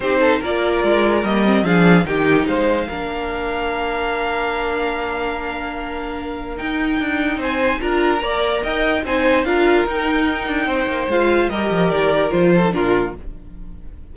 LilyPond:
<<
  \new Staff \with { instrumentName = "violin" } { \time 4/4 \tempo 4 = 146 c''4 d''2 dis''4 | f''4 g''4 f''2~ | f''1~ | f''1 |
g''2 gis''4 ais''4~ | ais''4 g''4 gis''4 f''4 | g''2. f''4 | dis''4 d''4 c''4 ais'4 | }
  \new Staff \with { instrumentName = "violin" } { \time 4/4 g'8 a'8 ais'2. | gis'4 g'4 c''4 ais'4~ | ais'1~ | ais'1~ |
ais'2 c''4 ais'4 | d''4 dis''4 c''4 ais'4~ | ais'2 c''2 | ais'2~ ais'8 a'8 f'4 | }
  \new Staff \with { instrumentName = "viola" } { \time 4/4 dis'4 f'2 ais8 c'8 | d'4 dis'2 d'4~ | d'1~ | d'1 |
dis'2. f'4 | ais'2 dis'4 f'4 | dis'2. f'4 | g'2 f'8. dis'16 d'4 | }
  \new Staff \with { instrumentName = "cello" } { \time 4/4 c'4 ais4 gis4 g4 | f4 dis4 gis4 ais4~ | ais1~ | ais1 |
dis'4 d'4 c'4 d'4 | ais4 dis'4 c'4 d'4 | dis'4. d'8 c'8 ais8 gis4 | g8 f8 dis4 f4 ais,4 | }
>>